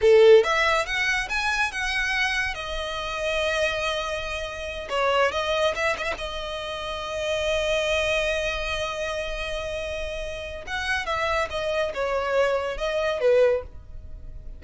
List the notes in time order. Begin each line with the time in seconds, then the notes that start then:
0.01 A4
0.43 E5
0.85 F#5
1.29 G#5
1.71 F#5
2.54 D#5
4.89 C#5
5.31 D#5
5.75 E5
5.97 D#5 E5
6.18 D#5
10.66 F#5
11.05 E5
11.50 D#5
11.93 C#5
12.77 D#5
13.20 B4